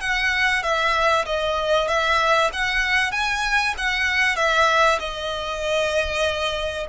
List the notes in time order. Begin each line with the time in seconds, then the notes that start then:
0.00 F#5
0.62 E5
1.26 D#5
1.88 E5
2.52 F#5
3.11 G#5
3.77 F#5
4.36 E5
4.99 D#5